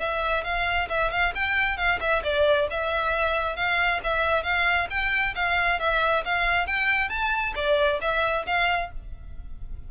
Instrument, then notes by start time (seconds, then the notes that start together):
violin
0.00 E5
0.44 F5
0.89 E5
1.12 F5
1.35 G5
1.78 F5
2.01 E5
2.24 D5
2.71 E5
3.57 F5
4.04 E5
4.44 F5
4.90 G5
5.36 F5
5.80 E5
6.25 F5
6.67 G5
7.10 A5
7.56 D5
8.01 E5
8.47 F5